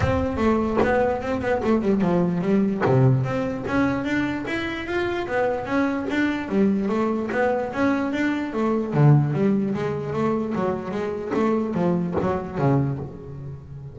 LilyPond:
\new Staff \with { instrumentName = "double bass" } { \time 4/4 \tempo 4 = 148 c'4 a4 b4 c'8 b8 | a8 g8 f4 g4 c4 | c'4 cis'4 d'4 e'4 | f'4 b4 cis'4 d'4 |
g4 a4 b4 cis'4 | d'4 a4 d4 g4 | gis4 a4 fis4 gis4 | a4 f4 fis4 cis4 | }